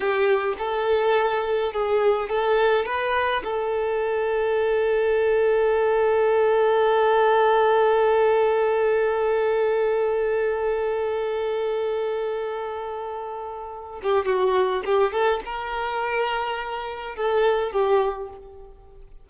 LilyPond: \new Staff \with { instrumentName = "violin" } { \time 4/4 \tempo 4 = 105 g'4 a'2 gis'4 | a'4 b'4 a'2~ | a'1~ | a'1~ |
a'1~ | a'1~ | a'8 g'8 fis'4 g'8 a'8 ais'4~ | ais'2 a'4 g'4 | }